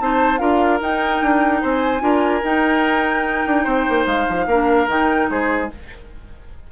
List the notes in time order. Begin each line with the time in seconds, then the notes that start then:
0.00 C4 D#4 C5 A5
0.38 D4 F4 A#4 F5
0.81 D#4 G5
1.22 D4
1.62 C4 C5 G#5
2.00 D4 F4 A#4
2.43 D#4 G5
3.46 D4
3.64 C4 C5
3.89 A#3
4.06 G#3 F5
4.28 F3
4.46 A#3 D4 A#4
4.87 D#3 D#4 G5
5.30 G#3 G#4 C5